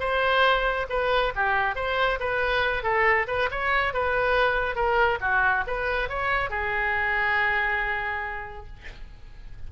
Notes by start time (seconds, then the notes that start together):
0.00 C5
0.90 B4
1.36 G4
1.76 C5
2.20 B4
2.83 A4
3.28 B4
3.51 C#5
3.94 B4
4.75 A#4
5.21 F#4
5.67 B4
6.09 C#5
6.50 G#4